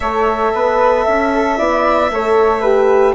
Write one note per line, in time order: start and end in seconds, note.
0.00 0.52 A3
0.00 1.57 A4
0.00 0.53 C#5
0.00 3.14 E5
0.53 1.06 B3
0.53 1.04 B4
1.04 1.58 C#4
1.04 1.30 E5
1.34 1.57 A4
1.57 2.10 B3
1.57 2.10 E4
1.57 2.10 D5
2.10 3.15 A3
2.10 2.63 A4
2.10 2.61 C#5
2.61 3.15 G4
2.61 3.13 B4